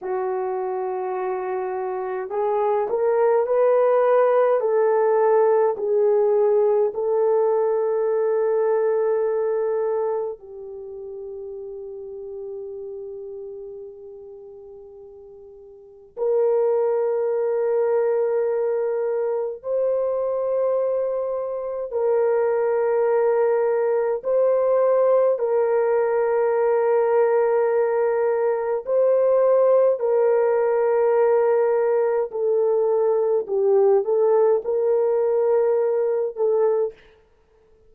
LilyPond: \new Staff \with { instrumentName = "horn" } { \time 4/4 \tempo 4 = 52 fis'2 gis'8 ais'8 b'4 | a'4 gis'4 a'2~ | a'4 g'2.~ | g'2 ais'2~ |
ais'4 c''2 ais'4~ | ais'4 c''4 ais'2~ | ais'4 c''4 ais'2 | a'4 g'8 a'8 ais'4. a'8 | }